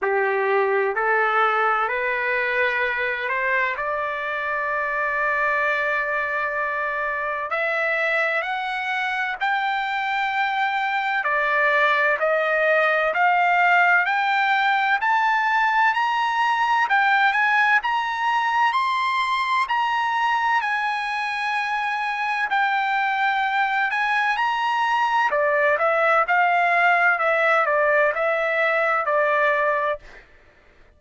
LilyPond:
\new Staff \with { instrumentName = "trumpet" } { \time 4/4 \tempo 4 = 64 g'4 a'4 b'4. c''8 | d''1 | e''4 fis''4 g''2 | d''4 dis''4 f''4 g''4 |
a''4 ais''4 g''8 gis''8 ais''4 | c'''4 ais''4 gis''2 | g''4. gis''8 ais''4 d''8 e''8 | f''4 e''8 d''8 e''4 d''4 | }